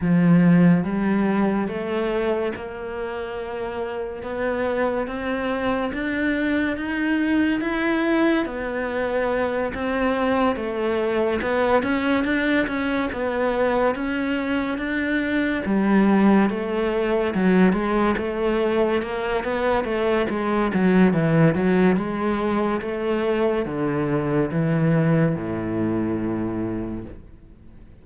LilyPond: \new Staff \with { instrumentName = "cello" } { \time 4/4 \tempo 4 = 71 f4 g4 a4 ais4~ | ais4 b4 c'4 d'4 | dis'4 e'4 b4. c'8~ | c'8 a4 b8 cis'8 d'8 cis'8 b8~ |
b8 cis'4 d'4 g4 a8~ | a8 fis8 gis8 a4 ais8 b8 a8 | gis8 fis8 e8 fis8 gis4 a4 | d4 e4 a,2 | }